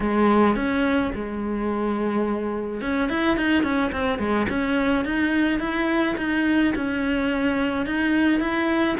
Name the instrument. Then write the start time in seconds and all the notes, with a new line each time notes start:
cello
0.00 G#3
0.55 C#4
1.14 G#3
2.81 C#4
3.09 E4
3.36 D#4
3.63 C#4
3.92 C4
4.19 G#3
4.49 C#4
5.05 D#4
5.59 E4
6.17 D#4
6.75 C#4
7.86 D#4
8.40 E4